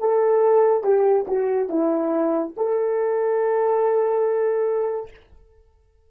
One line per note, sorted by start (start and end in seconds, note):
0.00 0.84 A4
0.84 1.26 G4
1.28 1.69 F#4
1.69 2.54 E4
2.57 5.11 A4